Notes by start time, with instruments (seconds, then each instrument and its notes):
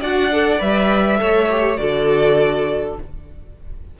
0.00 cello D4, viola F#4, violin D5 F#5
0.32 viola A4
0.59 cello G3, viola B4, violin E5
1.18 cello A3, viola A4, violin C#5
1.51 viola G4
1.76 cello D3, viola F#4, violin A4 D5